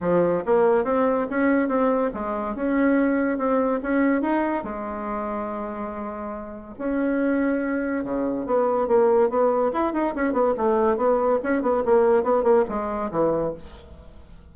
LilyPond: \new Staff \with { instrumentName = "bassoon" } { \time 4/4 \tempo 4 = 142 f4 ais4 c'4 cis'4 | c'4 gis4 cis'2 | c'4 cis'4 dis'4 gis4~ | gis1 |
cis'2. cis4 | b4 ais4 b4 e'8 dis'8 | cis'8 b8 a4 b4 cis'8 b8 | ais4 b8 ais8 gis4 e4 | }